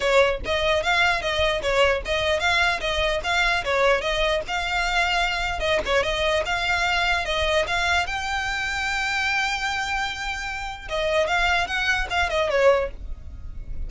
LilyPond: \new Staff \with { instrumentName = "violin" } { \time 4/4 \tempo 4 = 149 cis''4 dis''4 f''4 dis''4 | cis''4 dis''4 f''4 dis''4 | f''4 cis''4 dis''4 f''4~ | f''2 dis''8 cis''8 dis''4 |
f''2 dis''4 f''4 | g''1~ | g''2. dis''4 | f''4 fis''4 f''8 dis''8 cis''4 | }